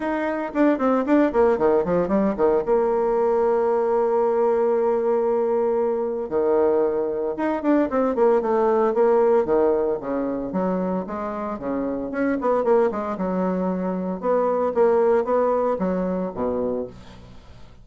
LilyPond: \new Staff \with { instrumentName = "bassoon" } { \time 4/4 \tempo 4 = 114 dis'4 d'8 c'8 d'8 ais8 dis8 f8 | g8 dis8 ais2.~ | ais1 | dis2 dis'8 d'8 c'8 ais8 |
a4 ais4 dis4 cis4 | fis4 gis4 cis4 cis'8 b8 | ais8 gis8 fis2 b4 | ais4 b4 fis4 b,4 | }